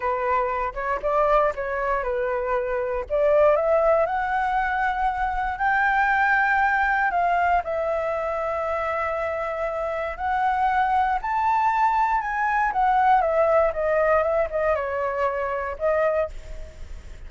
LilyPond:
\new Staff \with { instrumentName = "flute" } { \time 4/4 \tempo 4 = 118 b'4. cis''8 d''4 cis''4 | b'2 d''4 e''4 | fis''2. g''4~ | g''2 f''4 e''4~ |
e''1 | fis''2 a''2 | gis''4 fis''4 e''4 dis''4 | e''8 dis''8 cis''2 dis''4 | }